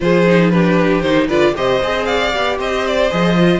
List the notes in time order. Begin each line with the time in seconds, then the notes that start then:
0.00 F3 F4 G#4 C5
0.26 D#4
0.50 D4 G4 B4
1.01 D#3 D#4 C5
1.27 D3 F4 B4 D5
1.55 C3 G4 C5 D#5
1.82 C4 G#4
2.05 D5 F5
2.32 B3 G4
2.58 C4 C5 D#5
2.86 D5
3.10 F3 G#4 D#5
3.37 F4